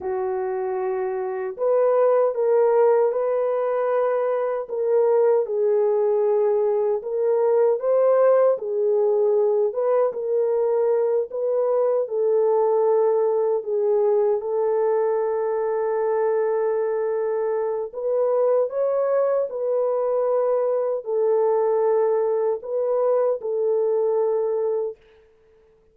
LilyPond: \new Staff \with { instrumentName = "horn" } { \time 4/4 \tempo 4 = 77 fis'2 b'4 ais'4 | b'2 ais'4 gis'4~ | gis'4 ais'4 c''4 gis'4~ | gis'8 b'8 ais'4. b'4 a'8~ |
a'4. gis'4 a'4.~ | a'2. b'4 | cis''4 b'2 a'4~ | a'4 b'4 a'2 | }